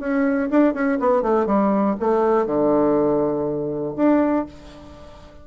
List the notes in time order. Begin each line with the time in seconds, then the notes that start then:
0.00 C#4
0.50 D4
0.74 C#4
1.00 B3
1.22 A3
1.46 G3
2.00 A3
2.46 D3
3.96 D4